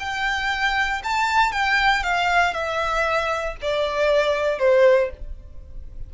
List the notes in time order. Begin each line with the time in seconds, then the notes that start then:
0.00 G5
1.04 A5
1.52 G5
2.04 F5
2.54 E5
3.62 D5
4.59 C5